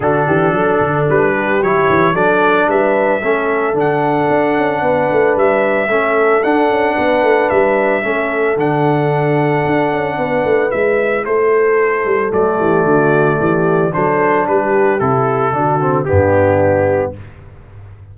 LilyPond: <<
  \new Staff \with { instrumentName = "trumpet" } { \time 4/4 \tempo 4 = 112 a'2 b'4 cis''4 | d''4 e''2 fis''4~ | fis''2 e''2 | fis''2 e''2 |
fis''1 | e''4 c''2 d''4~ | d''2 c''4 b'4 | a'2 g'2 | }
  \new Staff \with { instrumentName = "horn" } { \time 4/4 fis'8 g'8 a'4. g'4. | a'4 b'4 a'2~ | a'4 b'2 a'4~ | a'4 b'2 a'4~ |
a'2. b'4~ | b'4 a'2~ a'8 g'8 | fis'4 g'4 a'4 g'4~ | g'4 fis'4 d'2 | }
  \new Staff \with { instrumentName = "trombone" } { \time 4/4 d'2. e'4 | d'2 cis'4 d'4~ | d'2. cis'4 | d'2. cis'4 |
d'1 | e'2. a4~ | a2 d'2 | e'4 d'8 c'8 b2 | }
  \new Staff \with { instrumentName = "tuba" } { \time 4/4 d8 e8 fis8 d8 g4 fis8 e8 | fis4 g4 a4 d4 | d'8 cis'8 b8 a8 g4 a4 | d'8 cis'8 b8 a8 g4 a4 |
d2 d'8 cis'8 b8 a8 | gis4 a4. g8 fis8 e8 | d4 e4 fis4 g4 | c4 d4 g,2 | }
>>